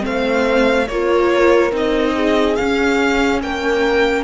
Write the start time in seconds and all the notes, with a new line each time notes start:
0.00 A3 C4 C5
0.06 F5
0.88 A#3 F4 A#4 C#5
1.73 C4 D#4 D#5
2.15 G#4
2.56 C#4 F5
3.43 A#3 A#4 G5